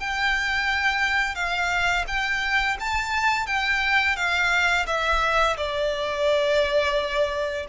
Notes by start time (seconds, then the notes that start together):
0.00 G5
1.35 F5
2.07 G5
2.80 A5
3.47 G5
4.16 F5
4.87 E5
5.57 D5